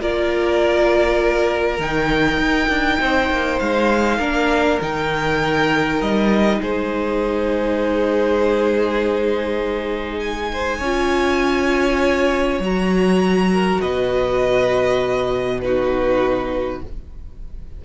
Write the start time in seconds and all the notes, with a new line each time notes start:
0.00 A#3 F4 A#4 D5
1.79 D#3 D#4 G5
2.37 D#4
2.68 D4
2.99 C4 C5
3.30 A#3
3.59 G#3 F5
4.18 A#3 D4 A#4
4.81 D#3 D#4 G5
6.00 G3 D#5
6.62 G#3 G#4 C5
10.19 G#5
10.52 C5
10.78 C#4 F4 C#5
12.60 F#3 F#4 A#5
13.52 A#4
13.80 B2 B4 D#5
15.61 D#4 F#4 B4